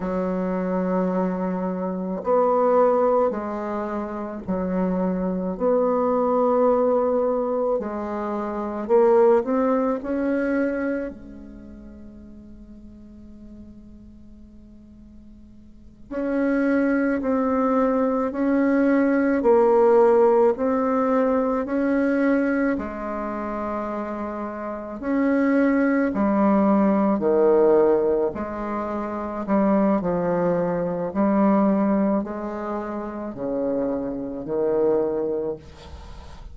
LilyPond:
\new Staff \with { instrumentName = "bassoon" } { \time 4/4 \tempo 4 = 54 fis2 b4 gis4 | fis4 b2 gis4 | ais8 c'8 cis'4 gis2~ | gis2~ gis8 cis'4 c'8~ |
c'8 cis'4 ais4 c'4 cis'8~ | cis'8 gis2 cis'4 g8~ | g8 dis4 gis4 g8 f4 | g4 gis4 cis4 dis4 | }